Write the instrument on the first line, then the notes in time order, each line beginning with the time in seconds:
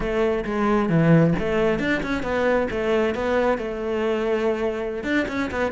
cello
0.00 A3
0.45 G#3
0.89 E3
1.39 A3
1.79 D4
2.03 C#4
2.22 B3
2.70 A3
3.14 B3
3.58 A3
5.03 D4
5.27 C#4
5.51 B3